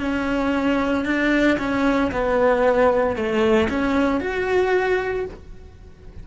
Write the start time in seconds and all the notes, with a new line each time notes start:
0.00 C#4
1.05 D4
1.58 C#4
2.11 B3
3.16 A3
3.69 C#4
4.20 F#4